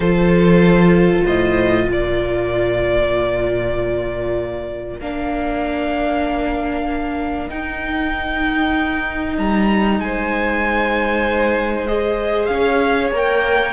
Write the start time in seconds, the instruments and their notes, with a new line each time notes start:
0.00 cello F3, viola F4, violin A4 C5
1.24 cello A2, violin C5 D#5
1.86 cello A#2, violin A#4 D5
5.00 cello A#3, viola D4, violin F5
7.48 viola D#4, cello D#4, violin G5
9.38 cello G3, violin A#5
9.98 cello G#3, violin C5 G#5
11.87 viola G#4, violin D#5
12.46 cello C#4, violin F5
12.53 violin C#5
13.11 cello A#3, viola A#4, violin G5